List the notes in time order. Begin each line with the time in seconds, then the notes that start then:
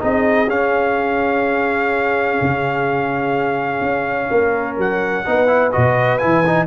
0.00 C4 D#4 G#4 D#5
0.48 C#4 F5
2.42 C#3
3.82 C#4
4.30 A#3 A#4
4.78 F#3 F#5
5.26 B3 D#4 B4
5.48 E4
5.72 B2 F#4 D#5
6.19 E3 E4 G#5
6.47 D#4